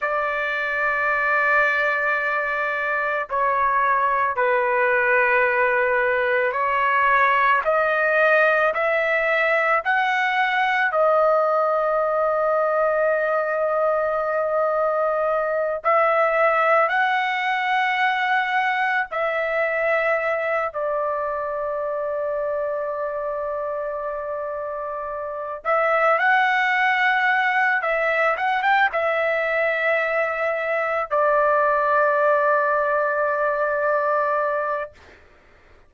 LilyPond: \new Staff \with { instrumentName = "trumpet" } { \time 4/4 \tempo 4 = 55 d''2. cis''4 | b'2 cis''4 dis''4 | e''4 fis''4 dis''2~ | dis''2~ dis''8 e''4 fis''8~ |
fis''4. e''4. d''4~ | d''2.~ d''8 e''8 | fis''4. e''8 fis''16 g''16 e''4.~ | e''8 d''2.~ d''8 | }